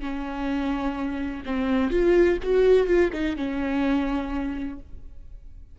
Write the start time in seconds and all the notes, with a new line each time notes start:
0.00 C#4
1.46 C4
1.91 F4
2.43 F#4
2.87 F4
3.13 D#4
3.37 C#4